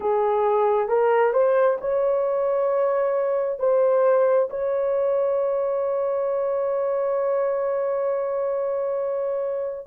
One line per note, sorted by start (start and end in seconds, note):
0.00 0.88 G#4
0.88 1.33 A#4
1.33 1.77 C5
1.80 3.59 C#5
3.59 4.48 C5
4.50 9.86 C#5